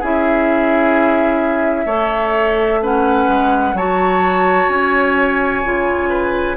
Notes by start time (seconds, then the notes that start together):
0.00 C#4 E4 G#4 E5
1.86 A3 A4 C#5
2.82 C#4 B4 F#5
3.28 G#3
3.74 F#3 F#4 C#5 A5
4.68 C#4 G#5
5.64 C#3 F4
6.09 B4